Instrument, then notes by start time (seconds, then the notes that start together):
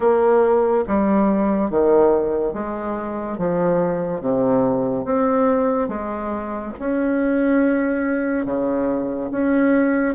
bassoon
0.00 A#3
0.87 G3
1.70 D#3
2.53 G#3
3.38 F3
4.21 C3
5.05 C4
5.88 G#3
6.79 C#4
8.45 C#3
9.31 C#4